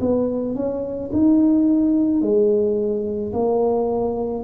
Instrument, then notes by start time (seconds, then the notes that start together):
tuba
0.00 B3
0.55 C#4
1.13 D#4
2.22 G#3
3.33 A#3